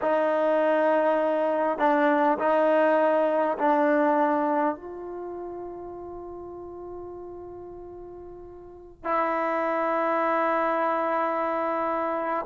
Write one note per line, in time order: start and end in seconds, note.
0.01 1.78 D#4
1.78 2.38 D4
2.38 3.57 D#4
3.58 4.75 D4
4.75 9.04 F4
9.04 12.45 E4